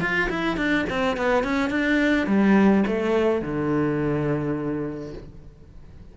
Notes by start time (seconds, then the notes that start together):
0.00 F4
0.29 E4
0.56 D4
0.89 C4
1.16 B3
1.43 C#4
1.70 D4
2.26 G3
2.86 A3
3.41 D3